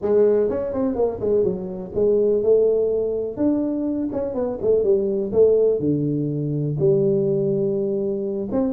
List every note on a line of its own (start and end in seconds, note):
0.01 0.49 G#3
0.49 0.73 C#4
0.73 0.95 C4
0.95 1.19 A#3
1.20 1.43 G#3
1.43 1.92 F#3
1.95 2.42 G#3
2.42 3.36 A3
3.36 4.09 D4
4.12 4.34 C#4
4.34 4.58 B3
4.61 4.83 A3
4.83 5.31 G3
5.32 5.79 A3
5.79 6.76 D3
6.79 8.48 G3
8.51 8.73 C4